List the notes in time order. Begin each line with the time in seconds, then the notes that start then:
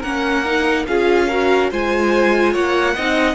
0.00 A#3 C#4 A#4 F#5
0.45 D#4
0.87 C#4 F4 G#4 F5
1.28 F#4 A#4
1.71 G#3 F4 C5 G#5
2.53 A#3 C#5 F#5
2.95 C4 D#4 D#5